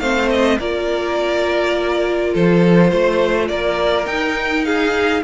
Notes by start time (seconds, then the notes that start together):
0.00 A3 C4 C5 F5
0.30 D#5
0.59 A#3 F4 A#4 D5
2.33 F3 A4 C5
2.90 A3 C5
3.48 A#3 A#4 D5
4.06 D#4 G5
4.65 G#4 F5